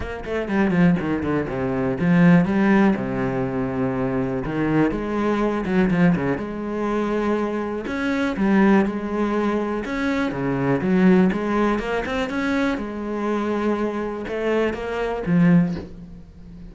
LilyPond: \new Staff \with { instrumentName = "cello" } { \time 4/4 \tempo 4 = 122 ais8 a8 g8 f8 dis8 d8 c4 | f4 g4 c2~ | c4 dis4 gis4. fis8 | f8 cis8 gis2. |
cis'4 g4 gis2 | cis'4 cis4 fis4 gis4 | ais8 c'8 cis'4 gis2~ | gis4 a4 ais4 f4 | }